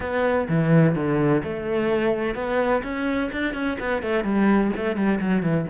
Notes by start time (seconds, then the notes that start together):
0.00 B3
0.48 E3
0.95 D3
1.43 A3
2.34 B3
2.83 C#4
3.32 D4
3.53 C#4
3.79 B3
4.02 A3
4.23 G3
4.76 A3
4.96 G3
5.20 F#3
5.42 E3